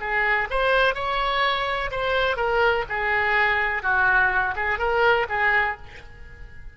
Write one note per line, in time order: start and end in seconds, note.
0.00 0.48 G#4
0.50 0.94 C5
0.94 1.90 C#5
1.91 2.36 C5
2.36 2.84 A#4
2.89 3.82 G#4
3.82 4.54 F#4
4.55 4.78 G#4
4.78 5.26 A#4
5.29 5.77 G#4